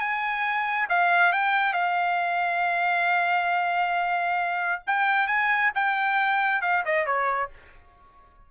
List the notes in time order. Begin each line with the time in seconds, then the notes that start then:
0.00 G#5
0.89 F5
1.33 G5
1.74 F5
4.87 G5
5.28 G#5
5.75 G5
6.62 F5
6.86 D#5
7.06 C#5